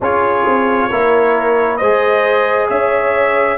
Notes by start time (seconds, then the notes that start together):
0.01 C#4 F4 G#4 C#5
0.45 C4
0.90 A#3 E4 A#4
1.76 G#3 G#4 C5 D#5
2.68 C#4 C#5 E5